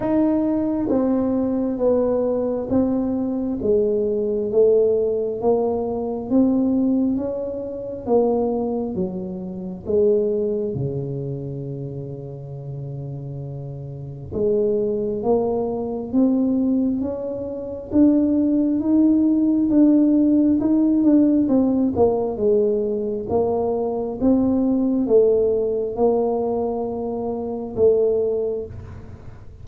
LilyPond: \new Staff \with { instrumentName = "tuba" } { \time 4/4 \tempo 4 = 67 dis'4 c'4 b4 c'4 | gis4 a4 ais4 c'4 | cis'4 ais4 fis4 gis4 | cis1 |
gis4 ais4 c'4 cis'4 | d'4 dis'4 d'4 dis'8 d'8 | c'8 ais8 gis4 ais4 c'4 | a4 ais2 a4 | }